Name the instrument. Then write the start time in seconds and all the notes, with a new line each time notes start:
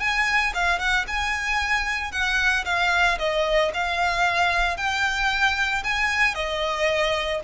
violin
0.00 G#5
0.55 F5
0.79 F#5
1.08 G#5
2.12 F#5
2.65 F5
3.19 D#5
3.74 F5
4.77 G5
5.84 G#5
6.35 D#5